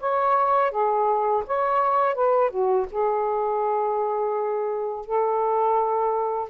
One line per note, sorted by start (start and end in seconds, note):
0.00 0.71 C#5
0.71 1.44 G#4
1.47 2.15 C#5
2.15 2.50 B4
2.50 2.87 F#4
2.91 5.06 G#4
5.06 6.50 A4